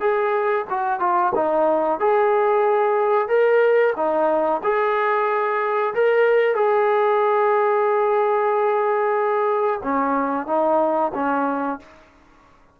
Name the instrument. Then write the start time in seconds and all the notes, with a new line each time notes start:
trombone
0.00 G#4
0.69 F#4
1.00 F4
1.35 D#4
2.00 G#4
3.28 A#4
3.96 D#4
4.63 G#4
5.94 A#4
6.55 G#4
9.82 C#4
10.46 D#4
11.14 C#4